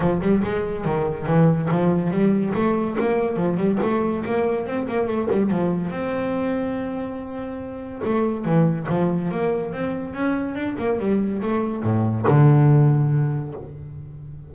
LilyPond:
\new Staff \with { instrumentName = "double bass" } { \time 4/4 \tempo 4 = 142 f8 g8 gis4 dis4 e4 | f4 g4 a4 ais4 | f8 g8 a4 ais4 c'8 ais8 | a8 g8 f4 c'2~ |
c'2. a4 | e4 f4 ais4 c'4 | cis'4 d'8 ais8 g4 a4 | a,4 d2. | }